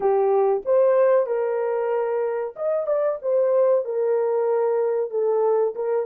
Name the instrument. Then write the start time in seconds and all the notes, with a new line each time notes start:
horn
0.00 G4
0.65 C5
1.26 A#4
2.56 D#5
2.87 D5
3.21 C5
3.85 A#4
5.10 A4
5.75 A#4